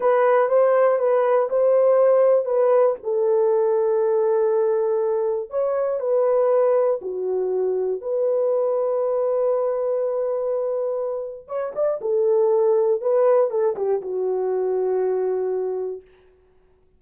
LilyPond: \new Staff \with { instrumentName = "horn" } { \time 4/4 \tempo 4 = 120 b'4 c''4 b'4 c''4~ | c''4 b'4 a'2~ | a'2. cis''4 | b'2 fis'2 |
b'1~ | b'2. cis''8 d''8 | a'2 b'4 a'8 g'8 | fis'1 | }